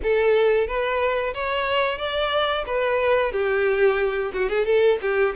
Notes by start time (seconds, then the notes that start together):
0.02 A4
0.67 B4
1.34 C#5
1.98 D5
2.66 B4
3.32 G4
4.33 F#4
4.49 G#4
4.65 A4
5.01 G4